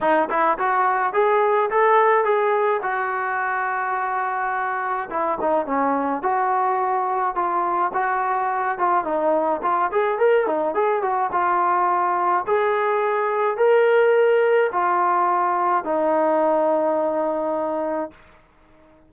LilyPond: \new Staff \with { instrumentName = "trombone" } { \time 4/4 \tempo 4 = 106 dis'8 e'8 fis'4 gis'4 a'4 | gis'4 fis'2.~ | fis'4 e'8 dis'8 cis'4 fis'4~ | fis'4 f'4 fis'4. f'8 |
dis'4 f'8 gis'8 ais'8 dis'8 gis'8 fis'8 | f'2 gis'2 | ais'2 f'2 | dis'1 | }